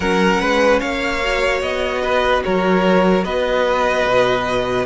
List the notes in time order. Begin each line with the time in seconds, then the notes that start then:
0.00 F#3 C#4 A#4 F#5
0.40 G#3 B4
0.79 A#3 C#5 F5
1.22 F#4
1.61 B3 D#5
2.02 B4
2.43 F#3 A#4 C#5
3.24 B3 B4 D#5
4.05 B2